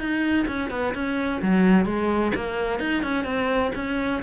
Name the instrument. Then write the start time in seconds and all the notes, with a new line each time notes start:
cello
0.00 D#4
0.48 C#4
0.71 B3
0.95 C#4
1.43 F#3
1.86 G#3
2.35 A#3
2.80 D#4
3.03 C#4
3.25 C4
3.76 C#4